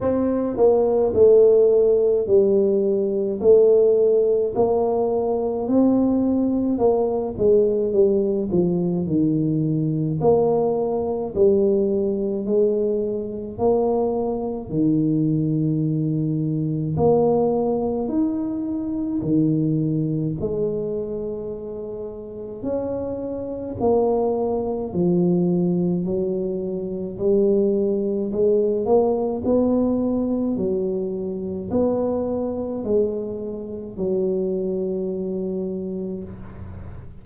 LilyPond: \new Staff \with { instrumentName = "tuba" } { \time 4/4 \tempo 4 = 53 c'8 ais8 a4 g4 a4 | ais4 c'4 ais8 gis8 g8 f8 | dis4 ais4 g4 gis4 | ais4 dis2 ais4 |
dis'4 dis4 gis2 | cis'4 ais4 f4 fis4 | g4 gis8 ais8 b4 fis4 | b4 gis4 fis2 | }